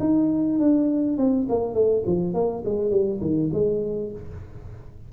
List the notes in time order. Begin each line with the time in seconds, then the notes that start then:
0.00 D#4
0.59 D4
1.18 C4
1.49 A#3
1.74 A3
2.06 F3
2.34 A#3
2.65 G#3
2.91 G3
3.21 D#3
3.53 G#3